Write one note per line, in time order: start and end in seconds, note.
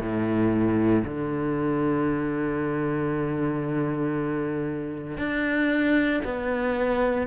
0.00 1.03 A2
1.05 5.18 D3
5.18 6.22 D4
6.24 7.27 B3